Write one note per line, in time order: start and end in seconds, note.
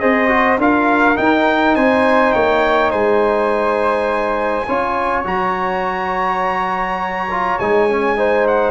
0.00 0.58 C4
0.00 0.28 G#4
0.00 0.60 C5
0.00 0.58 D#5
0.28 0.57 F#4
0.58 1.17 D4
0.58 1.15 F4
0.58 1.76 A#4
0.58 1.17 F5
1.15 4.65 D#4
1.15 1.76 D#4
1.15 1.75 G5
1.76 2.34 C4
1.76 2.34 C5
1.76 2.33 G#5
2.33 2.93 A#3
2.33 2.91 C#5
2.33 2.91 G5
2.91 4.68 G#3
2.91 4.66 C5
2.91 5.24 G#5
4.67 5.25 C#4
4.67 5.25 F4
4.67 8.17 C#5
5.25 7.58 F#3
5.25 7.29 F#4
5.25 7.59 A#5
7.31 7.60 F4
7.59 8.71 G#3
7.59 7.90 D#4
7.59 8.47 G#5
7.90 8.16 C#4
8.16 8.71 D#4
8.16 8.71 C5
8.47 8.71 F#5